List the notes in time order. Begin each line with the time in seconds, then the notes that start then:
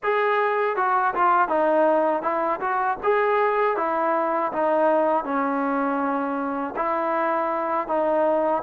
0.03 G#4
0.76 F#4
1.14 F4
1.48 D#4
2.22 E4
2.60 F#4
3.03 G#4
3.76 E4
4.52 D#4
5.24 C#4
6.76 E4
7.88 D#4